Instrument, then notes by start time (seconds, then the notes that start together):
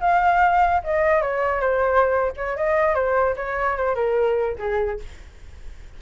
flute
0.00 F5
0.83 D#5
1.22 C#5
1.60 C5
2.36 C#5
2.56 D#5
2.94 C5
3.36 C#5
3.76 C5
3.95 A#4
4.58 G#4